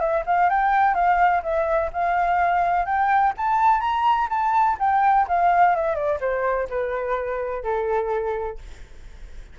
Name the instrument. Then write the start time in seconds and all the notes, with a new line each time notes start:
flute
0.00 E5
0.26 F5
0.50 G5
0.95 F5
1.43 E5
1.93 F5
2.86 G5
3.37 A5
3.81 A#5
4.30 A5
4.79 G5
5.28 F5
5.76 E5
5.95 D5
6.21 C5
6.70 B4
7.63 A4